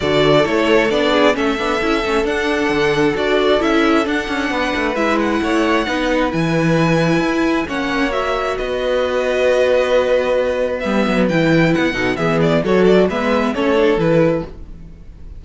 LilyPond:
<<
  \new Staff \with { instrumentName = "violin" } { \time 4/4 \tempo 4 = 133 d''4 cis''4 d''4 e''4~ | e''4 fis''2 d''4 | e''4 fis''2 e''8 fis''8~ | fis''2 gis''2~ |
gis''4 fis''4 e''4 dis''4~ | dis''1 | e''4 g''4 fis''4 e''8 d''8 | cis''8 d''8 e''4 cis''4 b'4 | }
  \new Staff \with { instrumentName = "violin" } { \time 4/4 a'2~ a'8 gis'8 a'4~ | a'1~ | a'2 b'2 | cis''4 b'2.~ |
b'4 cis''2 b'4~ | b'1~ | b'2~ b'8 a'8 gis'4 | a'4 b'4 a'2 | }
  \new Staff \with { instrumentName = "viola" } { \time 4/4 fis'4 e'4 d'4 cis'8 d'8 | e'8 cis'8 d'2 fis'4 | e'4 d'2 e'4~ | e'4 dis'4 e'2~ |
e'4 cis'4 fis'2~ | fis'1 | b4 e'4. dis'8 b4 | fis'4 b4 cis'8 d'8 e'4 | }
  \new Staff \with { instrumentName = "cello" } { \time 4/4 d4 a4 b4 a8 b8 | cis'8 a8 d'4 d4 d'4 | cis'4 d'8 cis'8 b8 a8 gis4 | a4 b4 e2 |
e'4 ais2 b4~ | b1 | g8 fis8 e4 b8 b,8 e4 | fis4 gis4 a4 e4 | }
>>